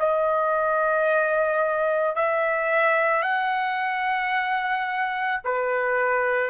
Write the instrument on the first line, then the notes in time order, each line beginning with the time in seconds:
trumpet
0.00 D#5
2.16 E5
3.23 F#5
5.45 B4